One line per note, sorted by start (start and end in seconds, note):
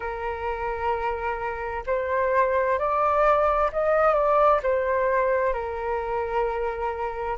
0.00 1.83 A#4
1.86 2.78 C5
2.78 3.70 D5
3.72 4.14 D#5
4.14 4.60 D5
4.62 5.53 C5
5.53 7.37 A#4